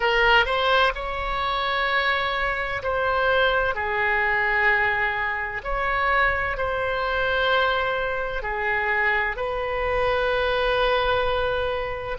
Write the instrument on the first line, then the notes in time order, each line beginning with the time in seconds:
oboe
0.00 A#4
0.45 C5
0.95 C#5
2.83 C5
3.74 G#4
5.63 C#5
6.57 C5
8.42 G#4
9.36 B4